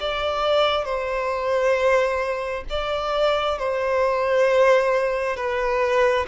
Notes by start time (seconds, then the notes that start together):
0.00 D5
0.85 C5
2.69 D5
3.58 C5
5.36 B4